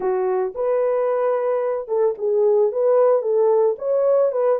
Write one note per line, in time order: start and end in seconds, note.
0.00 0.53 F#4
0.55 1.87 B4
1.87 2.14 A4
2.18 2.71 G#4
2.71 3.22 B4
3.22 3.76 A4
3.78 4.32 C#5
4.32 4.59 B4